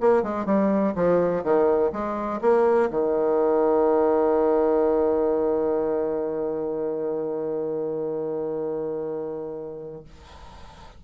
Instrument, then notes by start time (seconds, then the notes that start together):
bassoon
0.00 A#3
0.22 G#3
0.45 G3
0.95 F3
1.43 D#3
1.92 G#3
2.41 A#3
2.90 D#3